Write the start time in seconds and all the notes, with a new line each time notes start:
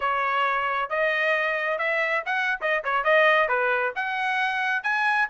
0.00 C#5
0.89 D#5
1.78 E5
2.25 F#5
2.61 D#5
2.84 C#5
3.03 D#5
3.48 B4
3.95 F#5
4.83 G#5